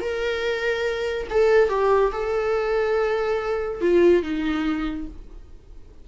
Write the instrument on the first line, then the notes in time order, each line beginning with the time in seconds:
viola
0.00 A#4
1.30 A4
1.69 G4
2.12 A4
3.81 F4
4.23 D#4